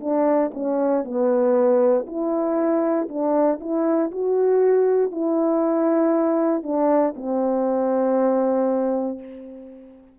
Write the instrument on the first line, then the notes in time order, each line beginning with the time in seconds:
horn
0.00 D4
0.54 C#4
1.04 B3
2.06 E4
3.09 D4
3.60 E4
4.11 F#4
5.11 E4
6.63 D4
7.16 C4